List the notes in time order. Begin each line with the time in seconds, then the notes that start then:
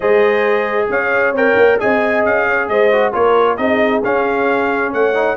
0.00 G#3 G#4 C5 D#5
0.89 C#4 C#5 F5
1.32 C4 A#4 G5
1.56 A#3
1.79 C4 G#4 D#5 G#5
2.25 C#4 F5
2.47 C#5
2.68 G#3 C5 D#5
2.92 F#4
3.12 A#3 F4 A#4 C#5
3.56 C4 D#4 G#4 D#5
4.03 C#4 F5
4.93 A3 C#5 F#5
5.14 D#4